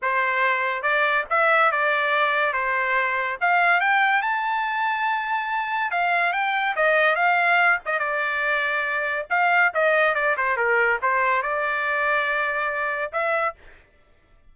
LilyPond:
\new Staff \with { instrumentName = "trumpet" } { \time 4/4 \tempo 4 = 142 c''2 d''4 e''4 | d''2 c''2 | f''4 g''4 a''2~ | a''2 f''4 g''4 |
dis''4 f''4. dis''8 d''4~ | d''2 f''4 dis''4 | d''8 c''8 ais'4 c''4 d''4~ | d''2. e''4 | }